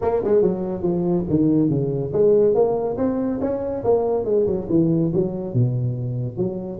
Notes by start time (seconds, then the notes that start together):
0.01 A#3
0.24 G#3
0.42 F#3
0.82 F3
1.29 D#3
1.69 C#3
2.12 G#3
2.54 A#3
2.97 C4
3.40 C#4
3.84 A#3
4.24 G#3
4.46 F#3
4.69 E3
5.13 F#3
5.53 B2
6.37 F#3